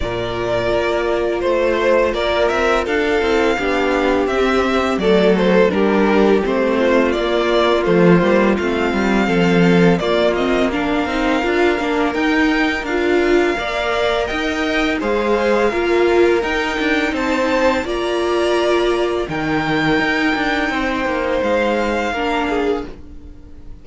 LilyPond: <<
  \new Staff \with { instrumentName = "violin" } { \time 4/4 \tempo 4 = 84 d''2 c''4 d''8 e''8 | f''2 e''4 d''8 c''8 | ais'4 c''4 d''4 c''4 | f''2 d''8 dis''8 f''4~ |
f''4 g''4 f''2 | g''4 f''2 g''4 | a''4 ais''2 g''4~ | g''2 f''2 | }
  \new Staff \with { instrumentName = "violin" } { \time 4/4 ais'2 c''4 ais'4 | a'4 g'2 a'4 | g'4. f'2~ f'8~ | f'4 a'4 f'4 ais'4~ |
ais'2. d''4 | dis''4 c''4 ais'2 | c''4 d''2 ais'4~ | ais'4 c''2 ais'8 gis'8 | }
  \new Staff \with { instrumentName = "viola" } { \time 4/4 f'1~ | f'8 e'8 d'4 c'4 a4 | d'4 c'4 ais4 a8 ais8 | c'2 ais8 c'8 d'8 dis'8 |
f'8 d'8 dis'4 f'4 ais'4~ | ais'4 gis'4 f'4 dis'4~ | dis'4 f'2 dis'4~ | dis'2. d'4 | }
  \new Staff \with { instrumentName = "cello" } { \time 4/4 ais,4 ais4 a4 ais8 c'8 | d'8 c'8 b4 c'4 fis4 | g4 a4 ais4 f8 g8 | a8 g8 f4 ais4. c'8 |
d'8 ais8 dis'4 d'4 ais4 | dis'4 gis4 ais4 dis'8 d'8 | c'4 ais2 dis4 | dis'8 d'8 c'8 ais8 gis4 ais4 | }
>>